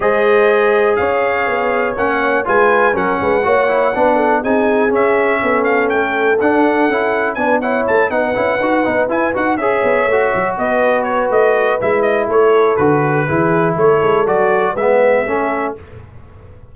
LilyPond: <<
  \new Staff \with { instrumentName = "trumpet" } { \time 4/4 \tempo 4 = 122 dis''2 f''2 | fis''4 gis''4 fis''2~ | fis''4 gis''4 e''4. f''8 | g''4 fis''2 gis''8 fis''8 |
a''8 fis''2 gis''8 fis''8 e''8~ | e''4. dis''4 cis''8 dis''4 | e''8 dis''8 cis''4 b'2 | cis''4 d''4 e''2 | }
  \new Staff \with { instrumentName = "horn" } { \time 4/4 c''2 cis''2~ | cis''4 b'4 ais'8 b'8 cis''4 | b'8 a'8 gis'2 a'4~ | a'2. b'8 cis''8~ |
cis''8 b'2. cis''8~ | cis''4. b'2~ b'8~ | b'4 a'2 gis'4 | a'2 b'4 a'4 | }
  \new Staff \with { instrumentName = "trombone" } { \time 4/4 gis'1 | cis'4 f'4 cis'4 fis'8 e'8 | d'4 dis'4 cis'2~ | cis'4 d'4 e'4 d'8 e'8~ |
e'8 dis'8 e'8 fis'8 dis'8 e'8 fis'8 gis'8~ | gis'8 fis'2.~ fis'8 | e'2 fis'4 e'4~ | e'4 fis'4 b4 cis'4 | }
  \new Staff \with { instrumentName = "tuba" } { \time 4/4 gis2 cis'4 b4 | ais4 gis4 fis8 gis8 ais4 | b4 c'4 cis'4 b4 | a4 d'4 cis'4 b4 |
a8 b8 cis'8 dis'8 b8 e'8 dis'8 cis'8 | b8 a8 fis8 b4. a4 | gis4 a4 d4 e4 | a8 gis8 fis4 gis4 a4 | }
>>